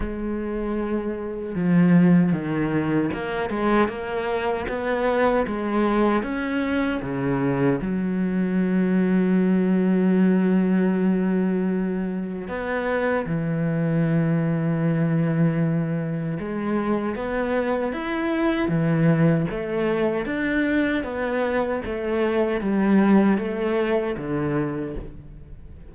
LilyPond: \new Staff \with { instrumentName = "cello" } { \time 4/4 \tempo 4 = 77 gis2 f4 dis4 | ais8 gis8 ais4 b4 gis4 | cis'4 cis4 fis2~ | fis1 |
b4 e2.~ | e4 gis4 b4 e'4 | e4 a4 d'4 b4 | a4 g4 a4 d4 | }